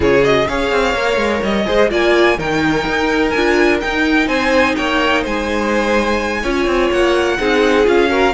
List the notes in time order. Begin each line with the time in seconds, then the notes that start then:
0.00 C#3 F4 G#4 C#5
0.23 F#4 D#5
0.47 C#4 G#4 C#5 F5
0.71 C4
0.93 A#3 A#4
1.16 G#3
1.42 G3 D#5
1.65 G#3 G#4 C5
1.89 A#3 F4 D5 G#5
2.37 D#3 D#4 A#4 G5
2.86 D#4
3.29 D4 G#5
3.36 F4
3.81 D#4 G5
4.27 C4 C5 G#5
4.76 A#3 C#5 G5
5.21 G#3 C5 G#5
6.42 C#4 F4 C#5
6.66 C4
6.91 A#3 F#5
7.38 C4 D#4 G#4
7.84 C#4 F4 F5
8.07 F#4 A#4